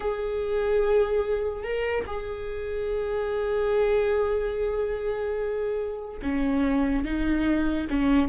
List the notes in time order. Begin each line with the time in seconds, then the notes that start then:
0.00 G#4
1.63 A#4
2.06 G#4
6.22 C#4
7.04 D#4
7.89 C#4